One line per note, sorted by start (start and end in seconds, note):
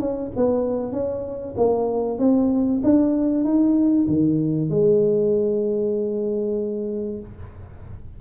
0.00 0.31 C#4
0.36 0.92 B3
0.92 1.55 C#4
1.57 2.19 A#3
2.19 2.82 C4
2.84 3.44 D4
3.44 4.07 D#4
4.08 4.70 D#3
4.70 7.20 G#3